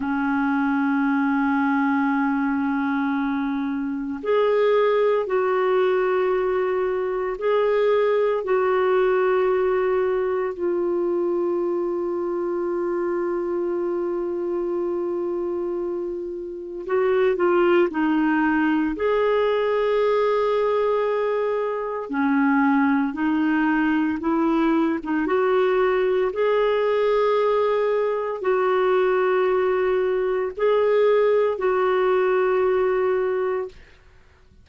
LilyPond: \new Staff \with { instrumentName = "clarinet" } { \time 4/4 \tempo 4 = 57 cis'1 | gis'4 fis'2 gis'4 | fis'2 f'2~ | f'1 |
fis'8 f'8 dis'4 gis'2~ | gis'4 cis'4 dis'4 e'8. dis'16 | fis'4 gis'2 fis'4~ | fis'4 gis'4 fis'2 | }